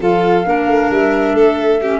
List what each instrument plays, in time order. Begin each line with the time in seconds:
0.00 tuba F3, clarinet F4, violin A4, flute F5
0.45 tuba A#3, clarinet D4, violin A#4
0.67 tuba A3
0.90 tuba G3, flute E5
1.33 tuba A3, violin A4
1.81 clarinet C#4, violin G4